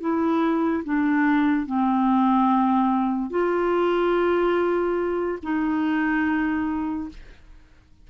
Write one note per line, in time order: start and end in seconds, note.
0.00 0.83 E4
0.84 1.66 D4
1.66 3.30 C4
3.30 5.39 F4
5.42 7.09 D#4